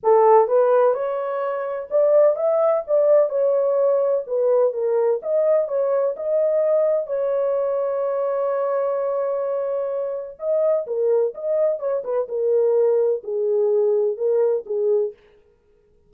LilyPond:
\new Staff \with { instrumentName = "horn" } { \time 4/4 \tempo 4 = 127 a'4 b'4 cis''2 | d''4 e''4 d''4 cis''4~ | cis''4 b'4 ais'4 dis''4 | cis''4 dis''2 cis''4~ |
cis''1~ | cis''2 dis''4 ais'4 | dis''4 cis''8 b'8 ais'2 | gis'2 ais'4 gis'4 | }